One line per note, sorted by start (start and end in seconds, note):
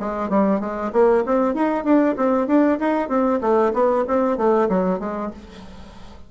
0.00 0.30 G#3
0.30 0.61 G3
0.61 0.92 G#3
0.93 1.24 A#3
1.26 1.54 C4
1.54 1.84 D#4
1.84 2.15 D4
2.17 2.47 C4
2.47 2.78 D4
2.80 3.09 D#4
3.09 3.40 C4
3.41 3.72 A3
3.74 4.05 B3
4.07 4.38 C4
4.38 4.69 A3
4.69 5.00 F#3
5.00 5.31 G#3